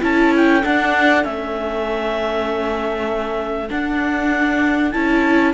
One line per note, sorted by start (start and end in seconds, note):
0.00 0.64 C#4
0.00 0.61 E4
0.00 5.51 A4
0.00 0.33 A5
0.36 0.65 G5
0.64 1.22 D4
0.64 1.25 D4
0.64 1.24 F#5
1.22 3.70 A3
1.22 3.67 C#4
1.22 3.69 E5
3.69 4.92 D4
3.69 4.94 D4
3.69 4.92 F#5
4.92 5.54 C#4
4.92 5.54 E4
4.92 5.53 A5